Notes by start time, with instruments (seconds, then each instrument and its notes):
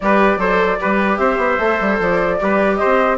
0.00 bassoon G3, viola G4, trumpet B4, flute D5
0.36 bassoon F#3, viola A4, trumpet C5
0.79 bassoon G3, viola G4, trumpet B4
1.17 bassoon C4, trumpet C5, flute E5
1.37 bassoon B3
1.58 bassoon A3, viola A4
1.80 bassoon G3
1.99 bassoon F3, flute D5
2.40 bassoon G3, viola G4, trumpet B4
2.76 trumpet C5, flute D#5
2.84 bassoon C4